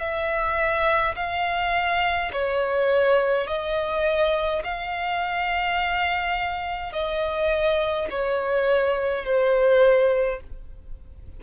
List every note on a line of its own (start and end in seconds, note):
0.00 1.15 E5
1.16 2.32 F5
2.33 3.48 C#5
3.48 4.63 D#5
4.64 6.93 F5
6.93 8.08 D#5
8.11 9.25 C#5
9.25 10.41 C5